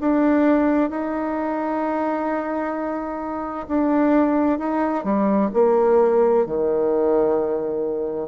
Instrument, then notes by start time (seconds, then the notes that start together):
bassoon
0.00 D4
0.90 D#4
3.68 D4
4.58 D#4
5.03 G3
5.53 A#3
6.46 D#3